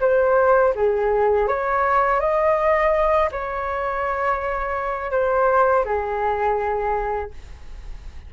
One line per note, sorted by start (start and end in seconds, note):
0.00 0.73 C5
0.75 1.47 G#4
1.47 2.20 C#5
2.20 3.30 D#5
3.31 5.11 C#5
5.11 5.84 C5
5.84 7.31 G#4